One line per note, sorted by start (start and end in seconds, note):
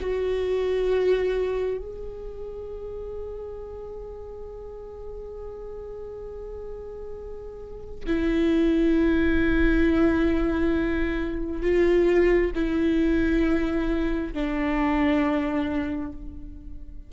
0.00 1.77 F#4
1.77 8.04 G#4
8.06 11.61 E4
11.61 12.51 F4
12.55 14.33 E4
14.33 16.12 D4